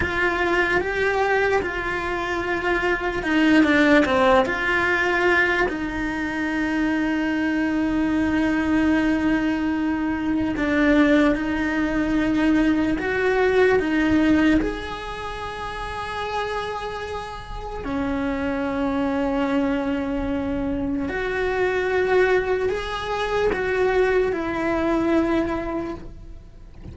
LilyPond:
\new Staff \with { instrumentName = "cello" } { \time 4/4 \tempo 4 = 74 f'4 g'4 f'2 | dis'8 d'8 c'8 f'4. dis'4~ | dis'1~ | dis'4 d'4 dis'2 |
fis'4 dis'4 gis'2~ | gis'2 cis'2~ | cis'2 fis'2 | gis'4 fis'4 e'2 | }